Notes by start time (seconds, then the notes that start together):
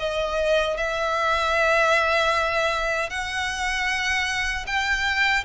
0.00 D#5
0.77 E5
3.10 F#5
4.67 G5